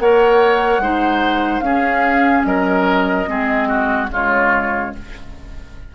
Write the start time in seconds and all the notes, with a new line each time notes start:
0.00 A#3 A#4 C#5 F#5
0.79 G#3 D#4 C5
1.60 C#4 G#4 F5
2.44 F#3 A#4 D#5
3.27 G#3 C4 G#4
3.69 F#4
4.10 C#3 G#3 F4 C#5